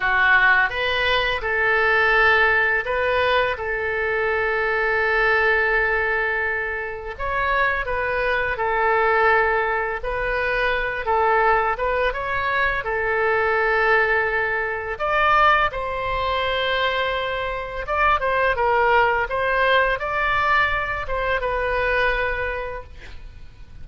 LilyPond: \new Staff \with { instrumentName = "oboe" } { \time 4/4 \tempo 4 = 84 fis'4 b'4 a'2 | b'4 a'2.~ | a'2 cis''4 b'4 | a'2 b'4. a'8~ |
a'8 b'8 cis''4 a'2~ | a'4 d''4 c''2~ | c''4 d''8 c''8 ais'4 c''4 | d''4. c''8 b'2 | }